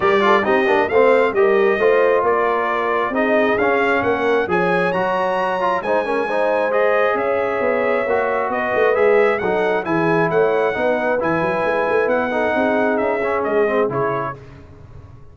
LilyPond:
<<
  \new Staff \with { instrumentName = "trumpet" } { \time 4/4 \tempo 4 = 134 d''4 dis''4 f''4 dis''4~ | dis''4 d''2 dis''4 | f''4 fis''4 gis''4 ais''4~ | ais''4 gis''2 dis''4 |
e''2. dis''4 | e''4 fis''4 gis''4 fis''4~ | fis''4 gis''2 fis''4~ | fis''4 e''4 dis''4 cis''4 | }
  \new Staff \with { instrumentName = "horn" } { \time 4/4 ais'8 a'8 g'4 c''4 ais'4 | c''4 ais'2 gis'4~ | gis'4 ais'4 cis''2~ | cis''4 c''8 ais'8 c''2 |
cis''2. b'4~ | b'4 a'4 gis'4 cis''4 | b'2.~ b'8 a'8 | gis'1 | }
  \new Staff \with { instrumentName = "trombone" } { \time 4/4 g'8 f'8 dis'8 d'8 c'4 g'4 | f'2. dis'4 | cis'2 gis'4 fis'4~ | fis'8 f'8 dis'8 cis'8 dis'4 gis'4~ |
gis'2 fis'2 | gis'4 dis'4 e'2 | dis'4 e'2~ e'8 dis'8~ | dis'4. cis'4 c'8 e'4 | }
  \new Staff \with { instrumentName = "tuba" } { \time 4/4 g4 c'8 ais8 a4 g4 | a4 ais2 c'4 | cis'4 ais4 f4 fis4~ | fis4 gis2. |
cis'4 b4 ais4 b8 a8 | gis4 fis4 e4 a4 | b4 e8 fis8 gis8 a8 b4 | c'4 cis'4 gis4 cis4 | }
>>